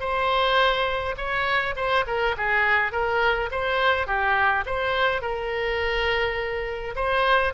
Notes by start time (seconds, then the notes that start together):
0.00 C5
1.17 C#5
1.76 C5
2.07 A#4
2.37 G#4
2.92 A#4
3.52 C5
4.07 G4
4.66 C5
5.22 A#4
6.96 C5